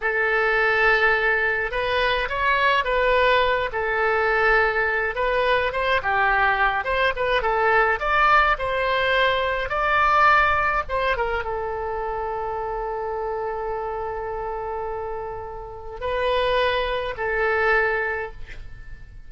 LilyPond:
\new Staff \with { instrumentName = "oboe" } { \time 4/4 \tempo 4 = 105 a'2. b'4 | cis''4 b'4. a'4.~ | a'4 b'4 c''8 g'4. | c''8 b'8 a'4 d''4 c''4~ |
c''4 d''2 c''8 ais'8 | a'1~ | a'1 | b'2 a'2 | }